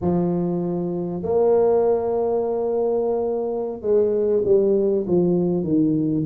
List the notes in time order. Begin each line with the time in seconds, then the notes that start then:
0.01 F3
1.22 A#3
3.81 G#3
4.44 G3
5.07 F3
5.63 D#3